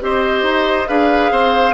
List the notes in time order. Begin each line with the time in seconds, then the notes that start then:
0.00 C4 G4 C5 D#5
0.43 D#4
0.87 D4 G#4 B4 F5
1.32 C4 C5